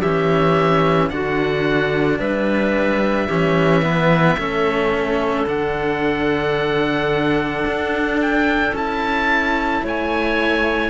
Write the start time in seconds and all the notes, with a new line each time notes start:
0.00 E3 C#4 G4 E5
1.09 D3 D4 F#4 F#5
2.18 G3 B4 E5
3.27 E3 C#4 G4
3.82 B3 B4
4.36 A3 C#4 A4
5.46 D3 D4 F#5
7.67 D4
8.21 G5
8.72 C#4 E4 A5
9.83 A3 C#5 G#5